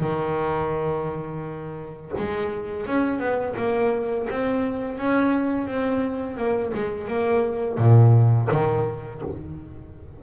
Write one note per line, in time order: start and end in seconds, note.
0.00 2.12 D#3
2.18 2.86 G#3
2.86 3.19 C#4
3.19 3.54 B3
3.57 4.27 A#3
4.30 4.98 C4
4.98 5.67 C#4
5.67 6.37 C4
6.37 6.72 A#3
6.74 7.07 G#3
7.07 7.78 A#3
7.78 8.49 A#2
8.51 9.22 D#3